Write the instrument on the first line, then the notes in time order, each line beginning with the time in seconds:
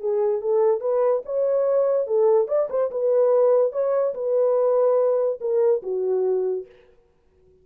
horn
0.00 G#4
0.41 A4
0.81 B4
1.26 C#5
2.07 A4
2.48 D5
2.70 C5
2.91 B4
3.72 C#5
4.14 B4
5.41 A#4
5.83 F#4